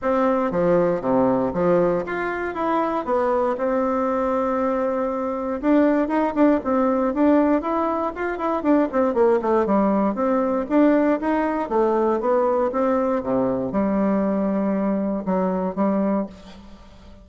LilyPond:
\new Staff \with { instrumentName = "bassoon" } { \time 4/4 \tempo 4 = 118 c'4 f4 c4 f4 | f'4 e'4 b4 c'4~ | c'2. d'4 | dis'8 d'8 c'4 d'4 e'4 |
f'8 e'8 d'8 c'8 ais8 a8 g4 | c'4 d'4 dis'4 a4 | b4 c'4 c4 g4~ | g2 fis4 g4 | }